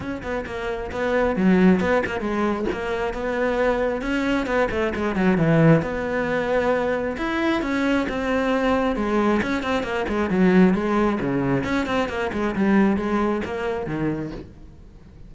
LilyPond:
\new Staff \with { instrumentName = "cello" } { \time 4/4 \tempo 4 = 134 cis'8 b8 ais4 b4 fis4 | b8 ais8 gis4 ais4 b4~ | b4 cis'4 b8 a8 gis8 fis8 | e4 b2. |
e'4 cis'4 c'2 | gis4 cis'8 c'8 ais8 gis8 fis4 | gis4 cis4 cis'8 c'8 ais8 gis8 | g4 gis4 ais4 dis4 | }